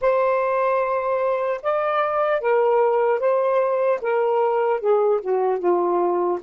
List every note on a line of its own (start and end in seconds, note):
0.01 1.61 C5
1.62 2.40 D5
2.40 3.19 A#4
3.19 3.99 C5
4.01 4.80 A#4
4.80 5.20 G#4
5.21 5.59 F#4
5.59 6.39 F4